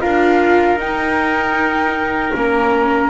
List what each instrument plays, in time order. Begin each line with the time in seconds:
0.00 double bass D4, viola F4, trumpet A#4, flute F5
0.75 double bass D#4, viola D#4, flute G5
2.34 double bass A#3, viola C#4, flute A#5